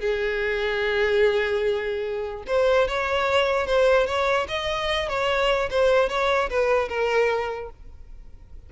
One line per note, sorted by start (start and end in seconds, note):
0.00 2.43 G#4
2.47 2.87 C5
2.87 3.66 C#5
3.66 4.06 C5
4.06 4.47 C#5
4.48 5.09 D#5
5.09 5.69 C#5
5.70 6.09 C5
6.09 6.49 C#5
6.50 6.88 B4
6.88 7.70 A#4